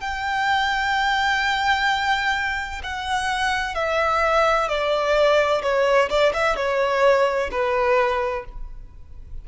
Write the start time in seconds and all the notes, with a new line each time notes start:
0.00 G5
2.83 F#5
3.75 E5
4.68 D5
5.62 C#5
6.09 D5
6.33 E5
6.56 C#5
7.51 B4